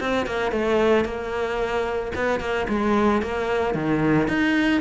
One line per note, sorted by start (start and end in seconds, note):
0.00 0.27 C4
0.27 0.52 A#3
0.52 1.05 A3
1.05 2.12 A#3
2.15 2.40 B3
2.40 2.67 A#3
2.68 3.22 G#3
3.22 3.75 A#3
3.75 4.28 D#3
4.28 4.81 D#4